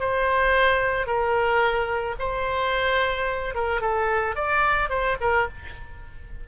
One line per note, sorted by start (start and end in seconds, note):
0.00 1.07 C5
1.07 2.16 A#4
2.19 3.55 C5
3.55 3.81 A#4
3.81 4.36 A4
4.36 4.90 D5
4.90 5.17 C5
5.20 5.48 A#4